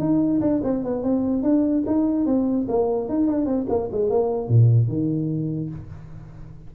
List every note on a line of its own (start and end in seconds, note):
0.00 0.41 D#4
0.41 0.62 D4
0.64 0.84 C4
0.84 1.04 B3
1.04 1.43 C4
1.43 1.84 D4
1.87 2.27 D#4
2.27 2.67 C4
2.69 3.09 A#3
3.09 3.27 D#4
3.27 3.46 D4
3.46 3.67 C4
3.70 3.90 A#3
3.92 4.11 G#3
4.11 4.49 A#3
4.49 4.88 A#2
4.88 5.70 D#3